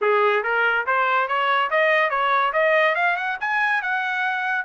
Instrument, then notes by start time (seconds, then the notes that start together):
trumpet
0.01 G#4
0.43 A#4
0.86 C5
1.28 C#5
1.70 D#5
2.10 C#5
2.53 D#5
2.95 F5
3.16 F#5
3.40 G#5
3.82 F#5